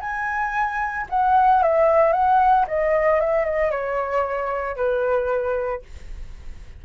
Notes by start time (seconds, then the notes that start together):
0.00 G#5
1.09 F#5
1.62 E5
2.12 F#5
2.67 D#5
3.20 E5
3.45 D#5
3.71 C#5
4.76 B4